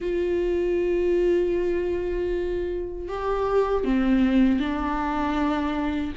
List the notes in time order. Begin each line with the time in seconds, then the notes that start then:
0.00 F4
3.08 G4
3.84 C4
4.59 D4